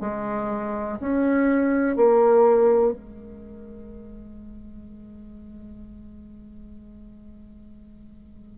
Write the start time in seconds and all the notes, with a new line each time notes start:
0.00 G#3
1.00 C#4
1.96 A#3
2.93 G#3